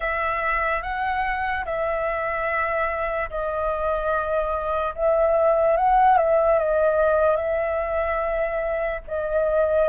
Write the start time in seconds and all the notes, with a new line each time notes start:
0.00 E5
0.82 F#5
1.65 E5
3.30 D#5
4.95 E5
5.76 F#5
6.17 E5
6.59 D#5
7.36 E5
9.07 D#5